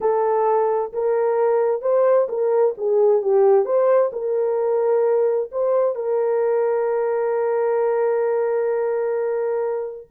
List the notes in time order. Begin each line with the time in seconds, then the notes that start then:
0.00 A4
0.92 A#4
1.81 C5
2.28 A#4
2.77 G#4
3.21 G4
3.65 C5
4.12 A#4
5.51 C5
5.95 A#4